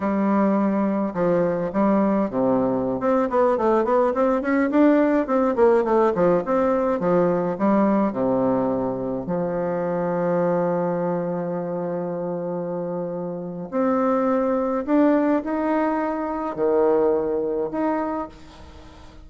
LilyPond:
\new Staff \with { instrumentName = "bassoon" } { \time 4/4 \tempo 4 = 105 g2 f4 g4 | c4~ c16 c'8 b8 a8 b8 c'8 cis'16~ | cis'16 d'4 c'8 ais8 a8 f8 c'8.~ | c'16 f4 g4 c4.~ c16~ |
c16 f2.~ f8.~ | f1 | c'2 d'4 dis'4~ | dis'4 dis2 dis'4 | }